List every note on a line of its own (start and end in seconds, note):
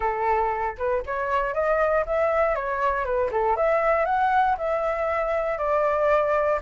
0.00 0.75 A4
0.78 1.03 B4
1.05 1.53 C#5
1.53 2.04 D#5
2.06 2.55 E5
2.55 3.04 C#5
3.04 3.30 B4
3.31 3.56 A4
3.56 4.05 E5
4.05 4.56 F#5
4.57 5.58 E5
5.58 6.59 D5